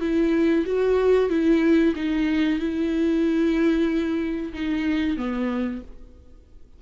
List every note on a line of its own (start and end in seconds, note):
0.00 0.65 E4
0.65 1.29 F#4
1.29 1.94 E4
1.95 2.59 D#4
2.59 4.52 E4
4.53 5.17 D#4
5.17 5.81 B3